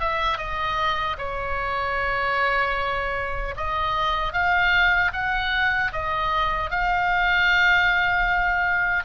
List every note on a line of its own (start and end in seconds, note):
0.00 0.38 E5
0.38 1.17 D#5
1.18 3.55 C#5
3.57 4.33 D#5
4.33 5.12 F5
5.13 5.92 F#5
5.92 6.71 D#5
6.71 9.05 F5